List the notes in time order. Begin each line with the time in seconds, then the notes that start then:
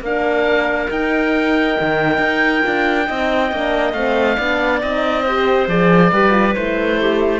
0.00 A#3 D4 A#4 F5
0.90 D#4 G5
1.80 D#3
2.18 D#4
2.62 D4 F4
3.07 C4 D#4 D#5
3.52 A#3 D4
3.93 A3 C4 F5
4.37 B3 D4 D5
4.81 C4 D#4 D#5
5.23 G4 C5
5.67 F3 G#4 D5
6.12 G3 G4 B4
6.30 F4
6.55 A3 E4 C5
7.00 G4